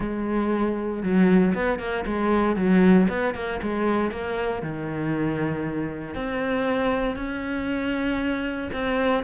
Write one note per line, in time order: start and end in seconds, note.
0.00 1.02 G#3
1.02 1.54 F#3
1.54 1.79 B3
1.79 2.04 A#3
2.06 2.56 G#3
2.56 3.07 F#3
3.08 3.34 B3
3.34 3.60 A#3
3.62 4.11 G#3
4.11 4.62 A#3
4.62 6.14 D#3
6.14 7.16 C4
7.16 8.69 C#4
8.72 9.23 C4